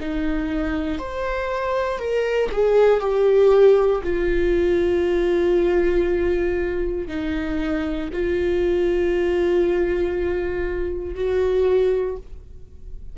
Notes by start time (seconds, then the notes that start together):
0.00 D#4
0.99 C5
1.99 A#4
2.51 G#4
3.00 G4
4.04 F4
7.08 D#4
8.13 F4
11.15 F#4